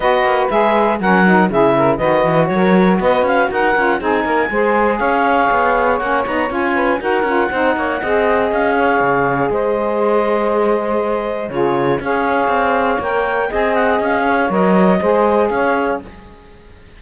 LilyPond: <<
  \new Staff \with { instrumentName = "clarinet" } { \time 4/4 \tempo 4 = 120 dis''4 e''4 fis''4 e''4 | dis''4 cis''4 dis''8 f''8 fis''4 | gis''2 f''2 | fis''8 ais''8 gis''4 fis''2~ |
fis''4 f''2 dis''4~ | dis''2. cis''4 | f''2 g''4 gis''8 fis''8 | f''4 dis''2 f''4 | }
  \new Staff \with { instrumentName = "saxophone" } { \time 4/4 b'2 ais'4 gis'8 ais'8 | b'4 ais'4 b'4 ais'4 | gis'8 ais'8 c''4 cis''2~ | cis''4. b'8 ais'4 c''8 cis''8 |
dis''4. cis''4. c''4~ | c''2. gis'4 | cis''2. dis''4~ | dis''8 cis''4. c''4 cis''4 | }
  \new Staff \with { instrumentName = "saxophone" } { \time 4/4 fis'4 gis'4 cis'8 dis'8 e'4 | fis'2.~ fis'8 f'8 | dis'4 gis'2. | cis'8 dis'8 f'4 fis'8 f'8 dis'4 |
gis'1~ | gis'2. f'4 | gis'2 ais'4 gis'4~ | gis'4 ais'4 gis'2 | }
  \new Staff \with { instrumentName = "cello" } { \time 4/4 b8 ais8 gis4 fis4 cis4 | dis8 e8 fis4 b8 cis'8 dis'8 cis'8 | c'8 ais8 gis4 cis'4 b4 | ais8 b8 cis'4 dis'8 cis'8 c'8 ais8 |
c'4 cis'4 cis4 gis4~ | gis2. cis4 | cis'4 c'4 ais4 c'4 | cis'4 fis4 gis4 cis'4 | }
>>